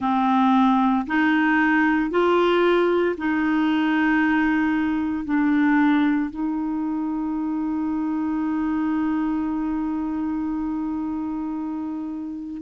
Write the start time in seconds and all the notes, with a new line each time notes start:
0.00 C4
1.07 D#4
2.10 F4
3.17 D#4
5.24 D4
6.30 D#4